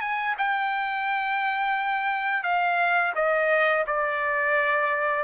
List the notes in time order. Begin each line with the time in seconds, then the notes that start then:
0.00 G#5
0.38 G5
2.43 F5
3.15 D#5
3.87 D5